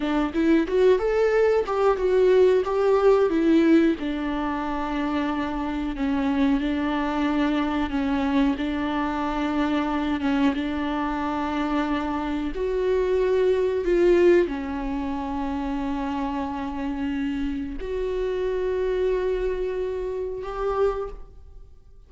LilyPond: \new Staff \with { instrumentName = "viola" } { \time 4/4 \tempo 4 = 91 d'8 e'8 fis'8 a'4 g'8 fis'4 | g'4 e'4 d'2~ | d'4 cis'4 d'2 | cis'4 d'2~ d'8 cis'8 |
d'2. fis'4~ | fis'4 f'4 cis'2~ | cis'2. fis'4~ | fis'2. g'4 | }